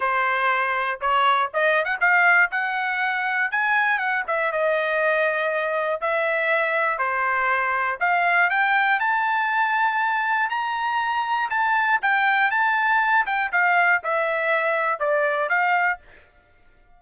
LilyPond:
\new Staff \with { instrumentName = "trumpet" } { \time 4/4 \tempo 4 = 120 c''2 cis''4 dis''8. fis''16 | f''4 fis''2 gis''4 | fis''8 e''8 dis''2. | e''2 c''2 |
f''4 g''4 a''2~ | a''4 ais''2 a''4 | g''4 a''4. g''8 f''4 | e''2 d''4 f''4 | }